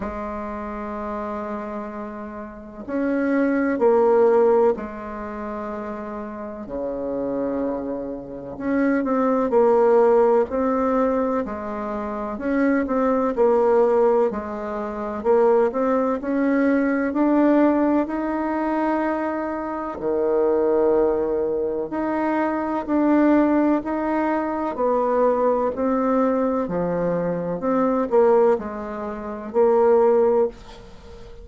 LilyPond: \new Staff \with { instrumentName = "bassoon" } { \time 4/4 \tempo 4 = 63 gis2. cis'4 | ais4 gis2 cis4~ | cis4 cis'8 c'8 ais4 c'4 | gis4 cis'8 c'8 ais4 gis4 |
ais8 c'8 cis'4 d'4 dis'4~ | dis'4 dis2 dis'4 | d'4 dis'4 b4 c'4 | f4 c'8 ais8 gis4 ais4 | }